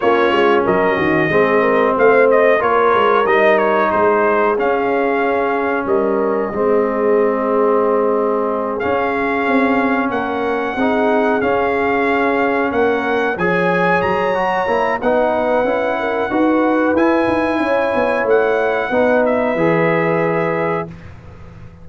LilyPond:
<<
  \new Staff \with { instrumentName = "trumpet" } { \time 4/4 \tempo 4 = 92 cis''4 dis''2 f''8 dis''8 | cis''4 dis''8 cis''8 c''4 f''4~ | f''4 dis''2.~ | dis''4. f''2 fis''8~ |
fis''4. f''2 fis''8~ | fis''8 gis''4 ais''4. fis''4~ | fis''2 gis''2 | fis''4. e''2~ e''8 | }
  \new Staff \with { instrumentName = "horn" } { \time 4/4 f'4 ais'8 fis'8 gis'8 ais'8 c''4 | ais'2 gis'2~ | gis'4 ais'4 gis'2~ | gis'2.~ gis'8 ais'8~ |
ais'8 gis'2. ais'8~ | ais'8 cis''2~ cis''8 b'4~ | b'8 ais'8 b'2 cis''4~ | cis''4 b'2. | }
  \new Staff \with { instrumentName = "trombone" } { \time 4/4 cis'2 c'2 | f'4 dis'2 cis'4~ | cis'2 c'2~ | c'4. cis'2~ cis'8~ |
cis'8 dis'4 cis'2~ cis'8~ | cis'8 gis'4. fis'8 e'8 dis'4 | e'4 fis'4 e'2~ | e'4 dis'4 gis'2 | }
  \new Staff \with { instrumentName = "tuba" } { \time 4/4 ais8 gis8 fis8 dis8 gis4 a4 | ais8 gis8 g4 gis4 cis'4~ | cis'4 g4 gis2~ | gis4. cis'4 c'4 ais8~ |
ais8 c'4 cis'2 ais8~ | ais8 f4 fis4 ais8 b4 | cis'4 dis'4 e'8 dis'8 cis'8 b8 | a4 b4 e2 | }
>>